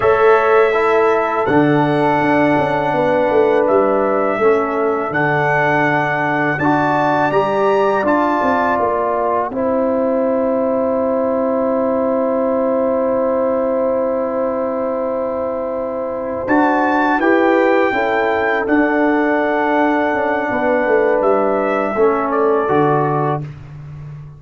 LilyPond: <<
  \new Staff \with { instrumentName = "trumpet" } { \time 4/4 \tempo 4 = 82 e''2 fis''2~ | fis''4 e''2 fis''4~ | fis''4 a''4 ais''4 a''4 | g''1~ |
g''1~ | g''2~ g''8 a''4 g''8~ | g''4. fis''2~ fis''8~ | fis''4 e''4. d''4. | }
  \new Staff \with { instrumentName = "horn" } { \time 4/4 cis''4 a'2. | b'2 a'2~ | a'4 d''2.~ | d''4 c''2.~ |
c''1~ | c''2.~ c''8 b'8~ | b'8 a'2.~ a'8 | b'2 a'2 | }
  \new Staff \with { instrumentName = "trombone" } { \time 4/4 a'4 e'4 d'2~ | d'2 cis'4 d'4~ | d'4 fis'4 g'4 f'4~ | f'4 e'2.~ |
e'1~ | e'2~ e'8 fis'4 g'8~ | g'8 e'4 d'2~ d'8~ | d'2 cis'4 fis'4 | }
  \new Staff \with { instrumentName = "tuba" } { \time 4/4 a2 d4 d'8 cis'8 | b8 a8 g4 a4 d4~ | d4 d'4 g4 d'8 c'8 | ais4 c'2.~ |
c'1~ | c'2~ c'8 d'4 e'8~ | e'8 cis'4 d'2 cis'8 | b8 a8 g4 a4 d4 | }
>>